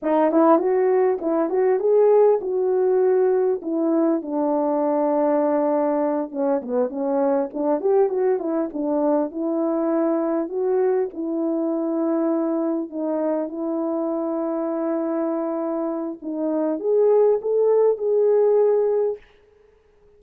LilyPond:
\new Staff \with { instrumentName = "horn" } { \time 4/4 \tempo 4 = 100 dis'8 e'8 fis'4 e'8 fis'8 gis'4 | fis'2 e'4 d'4~ | d'2~ d'8 cis'8 b8 cis'8~ | cis'8 d'8 g'8 fis'8 e'8 d'4 e'8~ |
e'4. fis'4 e'4.~ | e'4. dis'4 e'4.~ | e'2. dis'4 | gis'4 a'4 gis'2 | }